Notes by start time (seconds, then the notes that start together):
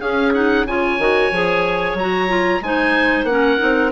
0.00 C#4 G#4 F5
0.33 D#4 F#5
0.65 C#3 F4 C#5 G#5
0.98 D#3 F#4
1.31 F3 G#4
1.94 F#3 F#4 A#5
2.28 F4
2.61 G#3 D#4 C5 G#5
3.24 A#3 C#4 F#5
3.30 A#4
3.58 C4 D#4